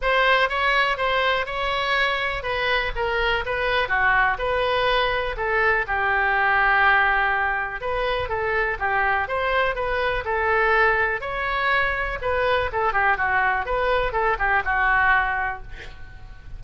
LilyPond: \new Staff \with { instrumentName = "oboe" } { \time 4/4 \tempo 4 = 123 c''4 cis''4 c''4 cis''4~ | cis''4 b'4 ais'4 b'4 | fis'4 b'2 a'4 | g'1 |
b'4 a'4 g'4 c''4 | b'4 a'2 cis''4~ | cis''4 b'4 a'8 g'8 fis'4 | b'4 a'8 g'8 fis'2 | }